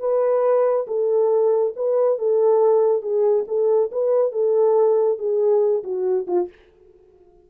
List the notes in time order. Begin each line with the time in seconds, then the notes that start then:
0.00 B4
0.87 A4
1.76 B4
2.19 A4
3.03 G#4
3.48 A4
3.92 B4
4.32 A4
5.19 G#4
5.84 F#4
6.27 F4